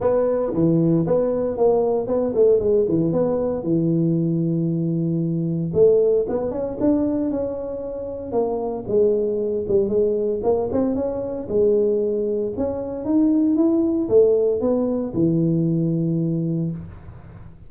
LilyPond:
\new Staff \with { instrumentName = "tuba" } { \time 4/4 \tempo 4 = 115 b4 e4 b4 ais4 | b8 a8 gis8 e8 b4 e4~ | e2. a4 | b8 cis'8 d'4 cis'2 |
ais4 gis4. g8 gis4 | ais8 c'8 cis'4 gis2 | cis'4 dis'4 e'4 a4 | b4 e2. | }